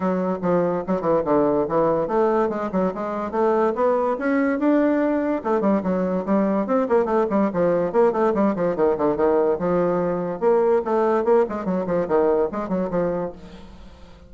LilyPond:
\new Staff \with { instrumentName = "bassoon" } { \time 4/4 \tempo 4 = 144 fis4 f4 fis8 e8 d4 | e4 a4 gis8 fis8 gis4 | a4 b4 cis'4 d'4~ | d'4 a8 g8 fis4 g4 |
c'8 ais8 a8 g8 f4 ais8 a8 | g8 f8 dis8 d8 dis4 f4~ | f4 ais4 a4 ais8 gis8 | fis8 f8 dis4 gis8 fis8 f4 | }